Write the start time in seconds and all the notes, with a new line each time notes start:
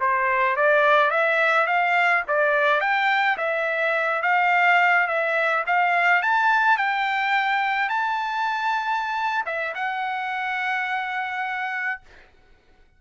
0.00 C5
0.56 D5
1.10 E5
1.66 F5
2.27 D5
2.80 G5
3.37 E5
4.22 F5
5.07 E5
5.67 F5
6.22 A5
6.77 G5
7.89 A5
9.46 E5
9.74 F#5